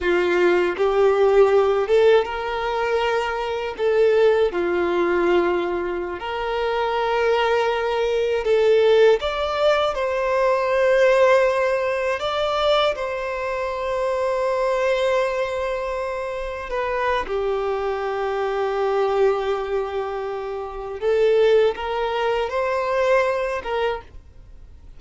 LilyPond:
\new Staff \with { instrumentName = "violin" } { \time 4/4 \tempo 4 = 80 f'4 g'4. a'8 ais'4~ | ais'4 a'4 f'2~ | f'16 ais'2. a'8.~ | a'16 d''4 c''2~ c''8.~ |
c''16 d''4 c''2~ c''8.~ | c''2~ c''16 b'8. g'4~ | g'1 | a'4 ais'4 c''4. ais'8 | }